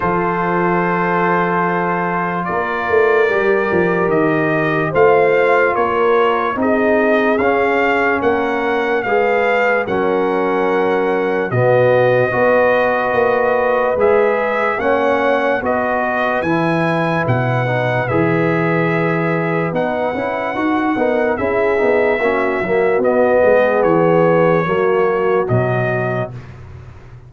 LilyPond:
<<
  \new Staff \with { instrumentName = "trumpet" } { \time 4/4 \tempo 4 = 73 c''2. d''4~ | d''4 dis''4 f''4 cis''4 | dis''4 f''4 fis''4 f''4 | fis''2 dis''2~ |
dis''4 e''4 fis''4 dis''4 | gis''4 fis''4 e''2 | fis''2 e''2 | dis''4 cis''2 dis''4 | }
  \new Staff \with { instrumentName = "horn" } { \time 4/4 a'2. ais'4~ | ais'2 c''4 ais'4 | gis'2 ais'4 b'4 | ais'2 fis'4 b'4~ |
b'2 cis''4 b'4~ | b'1~ | b'4. ais'8 gis'4 fis'4~ | fis'8 gis'4. fis'2 | }
  \new Staff \with { instrumentName = "trombone" } { \time 4/4 f'1 | g'2 f'2 | dis'4 cis'2 gis'4 | cis'2 b4 fis'4~ |
fis'4 gis'4 cis'4 fis'4 | e'4. dis'8 gis'2 | dis'8 e'8 fis'8 dis'8 e'8 dis'8 cis'8 ais8 | b2 ais4 fis4 | }
  \new Staff \with { instrumentName = "tuba" } { \time 4/4 f2. ais8 a8 | g8 f8 dis4 a4 ais4 | c'4 cis'4 ais4 gis4 | fis2 b,4 b4 |
ais4 gis4 ais4 b4 | e4 b,4 e2 | b8 cis'8 dis'8 b8 cis'8 b8 ais8 fis8 | b8 gis8 e4 fis4 b,4 | }
>>